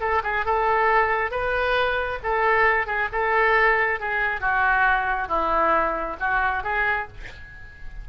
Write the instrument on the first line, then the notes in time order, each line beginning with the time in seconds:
oboe
0.00 A4
0.23 G#4
0.46 A4
1.31 B4
2.23 A4
2.86 G#4
3.12 A4
4.00 G#4
4.41 F#4
5.28 E4
6.20 F#4
6.63 G#4